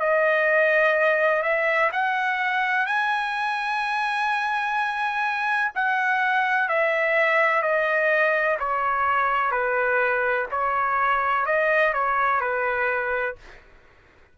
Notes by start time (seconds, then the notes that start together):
0.00 D#5
1.42 E5
1.92 F#5
2.86 G#5
5.75 F#5
6.69 E5
7.62 D#5
8.59 C#5
9.52 B4
10.51 C#5
11.46 D#5
11.94 C#5
12.41 B4